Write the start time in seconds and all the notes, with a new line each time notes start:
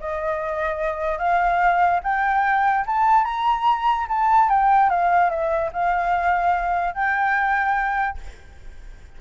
0.00 D#5
1.19 F5
2.03 G5
2.87 A5
3.25 A#5
4.09 A5
4.49 G5
4.90 F5
5.30 E5
5.73 F5
6.95 G5